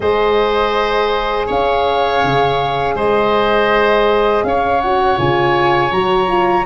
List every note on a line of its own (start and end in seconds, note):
0.00 1.48 G#3
0.00 4.82 G#4
0.00 1.46 C5
0.00 1.46 D#5
1.46 2.23 C#4
1.46 2.95 C#5
1.46 2.97 F5
2.23 2.94 C#3
2.94 4.42 G#3
2.94 4.44 C5
2.94 4.44 D#5
4.43 5.17 C#4
4.43 6.66 C#5
4.43 4.80 F5
4.80 5.17 F#4
4.80 5.17 F#5
5.17 5.91 C#3
5.17 5.91 F4
5.17 5.92 G#5
5.91 6.65 F#3
5.91 6.27 F#4
5.91 6.66 A#5
6.27 6.65 F4